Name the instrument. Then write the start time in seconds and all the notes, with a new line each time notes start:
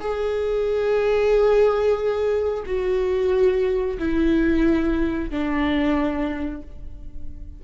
viola
0.00 G#4
2.66 F#4
3.99 E4
5.30 D4